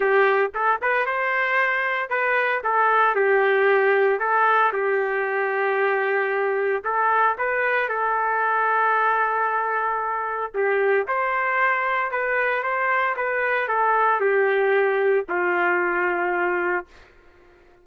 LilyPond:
\new Staff \with { instrumentName = "trumpet" } { \time 4/4 \tempo 4 = 114 g'4 a'8 b'8 c''2 | b'4 a'4 g'2 | a'4 g'2.~ | g'4 a'4 b'4 a'4~ |
a'1 | g'4 c''2 b'4 | c''4 b'4 a'4 g'4~ | g'4 f'2. | }